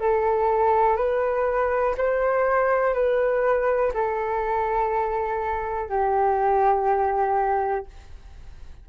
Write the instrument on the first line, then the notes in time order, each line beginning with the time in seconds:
flute
0.00 A4
0.97 B4
1.98 C5
2.94 B4
3.93 A4
5.89 G4